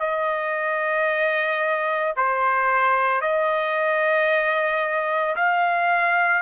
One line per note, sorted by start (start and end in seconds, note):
0.00 2.14 D#5
2.17 3.21 C5
3.21 5.36 D#5
5.36 6.42 F5